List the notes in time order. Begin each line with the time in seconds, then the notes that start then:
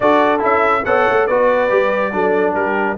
0.00 D4 F#4 A4 D5
0.38 C#4 E4 E5
0.84 B3 A4 C#5 F#5
1.08 A3
1.26 B3 F#4 B4 D5
1.69 G3 G4
2.12 F#3 D4 A4
2.54 G3 G4 A#4